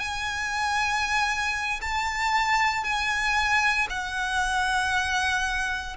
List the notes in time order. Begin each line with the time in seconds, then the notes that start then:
0.00 G#5
1.82 A5
2.84 G#5
3.90 F#5